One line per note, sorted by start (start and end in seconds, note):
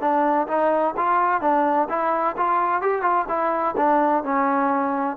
0.00 0.47 D4
0.47 0.94 D#4
0.96 1.41 F4
1.41 1.88 D4
1.89 2.36 E4
2.37 2.81 F4
2.81 3.01 G4
3.01 3.25 F4
3.28 3.75 E4
3.76 4.23 D4
4.23 5.17 C#4